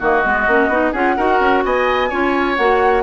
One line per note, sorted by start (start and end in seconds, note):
0.00 0.25 D#3
0.00 0.24 A#3
0.00 0.92 F#4
0.00 0.93 D#5
0.24 0.48 G#3
0.24 0.48 B3
0.48 0.69 A#3
0.48 0.71 C#4
0.69 0.92 B3
0.69 0.94 D#4
0.92 1.17 C#4
0.92 1.18 F4
0.92 1.16 G#4
0.92 1.63 F#5
1.17 1.40 D#4
1.17 2.11 F#4
1.17 1.64 A#4
1.40 1.64 C#4
1.65 2.12 B3
1.65 2.10 D#5
1.65 2.56 G#5
2.10 2.58 C#4
2.10 2.58 F4
2.10 3.03 C#5
2.56 3.03 A#3
2.56 3.03 F#4
2.56 3.03 F#5